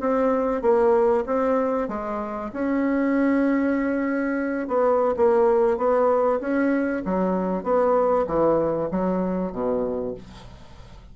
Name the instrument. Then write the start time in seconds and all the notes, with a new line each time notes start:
bassoon
0.00 C4
0.62 A#3
1.26 C4
1.88 G#3
2.53 C#4
4.68 B3
5.17 A#3
5.77 B3
6.40 C#4
7.05 F#3
7.63 B3
8.27 E3
8.91 F#3
9.52 B2